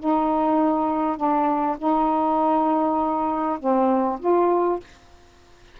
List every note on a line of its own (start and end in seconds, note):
0.00 1.17 D#4
1.17 1.77 D4
1.79 3.59 D#4
3.59 4.19 C4
4.20 4.80 F4